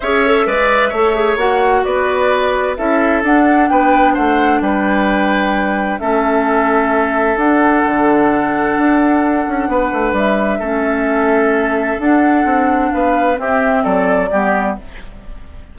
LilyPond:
<<
  \new Staff \with { instrumentName = "flute" } { \time 4/4 \tempo 4 = 130 e''2. fis''4 | d''2 e''4 fis''4 | g''4 fis''4 g''2~ | g''4 e''2. |
fis''1~ | fis''2 e''2~ | e''2 fis''2 | f''4 e''4 d''2 | }
  \new Staff \with { instrumentName = "oboe" } { \time 4/4 cis''4 d''4 cis''2 | b'2 a'2 | b'4 c''4 b'2~ | b'4 a'2.~ |
a'1~ | a'4 b'2 a'4~ | a'1 | b'4 g'4 a'4 g'4 | }
  \new Staff \with { instrumentName = "clarinet" } { \time 4/4 gis'8 a'8 b'4 a'8 gis'8 fis'4~ | fis'2 e'4 d'4~ | d'1~ | d'4 cis'2. |
d'1~ | d'2. cis'4~ | cis'2 d'2~ | d'4 c'2 b4 | }
  \new Staff \with { instrumentName = "bassoon" } { \time 4/4 cis'4 gis4 a4 ais4 | b2 cis'4 d'4 | b4 a4 g2~ | g4 a2. |
d'4 d2 d'4~ | d'8 cis'8 b8 a8 g4 a4~ | a2 d'4 c'4 | b4 c'4 fis4 g4 | }
>>